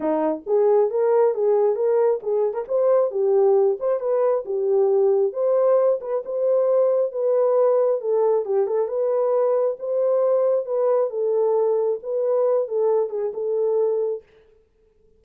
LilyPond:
\new Staff \with { instrumentName = "horn" } { \time 4/4 \tempo 4 = 135 dis'4 gis'4 ais'4 gis'4 | ais'4 gis'8. ais'16 c''4 g'4~ | g'8 c''8 b'4 g'2 | c''4. b'8 c''2 |
b'2 a'4 g'8 a'8 | b'2 c''2 | b'4 a'2 b'4~ | b'8 a'4 gis'8 a'2 | }